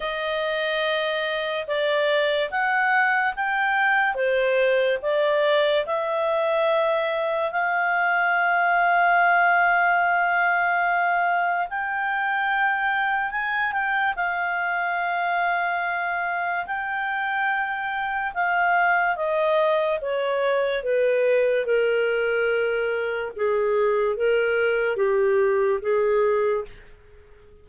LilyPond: \new Staff \with { instrumentName = "clarinet" } { \time 4/4 \tempo 4 = 72 dis''2 d''4 fis''4 | g''4 c''4 d''4 e''4~ | e''4 f''2.~ | f''2 g''2 |
gis''8 g''8 f''2. | g''2 f''4 dis''4 | cis''4 b'4 ais'2 | gis'4 ais'4 g'4 gis'4 | }